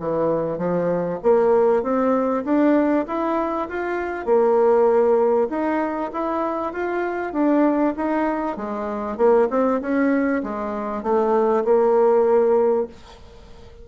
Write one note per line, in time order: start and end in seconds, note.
0.00 0.58 E3
0.58 1.20 F3
1.23 1.83 A#3
1.83 2.44 C4
2.45 3.06 D4
3.08 3.69 E4
3.69 4.26 F4
4.26 5.48 A#3
5.50 6.11 D#4
6.13 6.73 E4
6.73 7.33 F4
7.33 7.94 D4
7.97 8.57 D#4
8.57 9.18 G#3
9.18 9.48 A#3
9.51 9.81 C4
9.82 10.43 C#4
10.44 11.03 G#3
11.03 11.64 A3
11.65 12.87 A#3